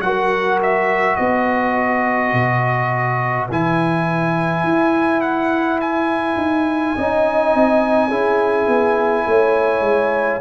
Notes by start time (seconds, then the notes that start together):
0.00 F#3 F#4 A#4 F#5
0.63 E5
1.16 B3 B4 D#5
2.33 B2
3.50 E3 E4 G#5
4.63 E4
5.21 F#5
5.81 G#5
6.37 D#4
6.96 C#4 D#4 D#5
7.55 C4
8.08 C#4 E4 G#4
8.68 B3
9.26 A3 C#5
9.81 G#3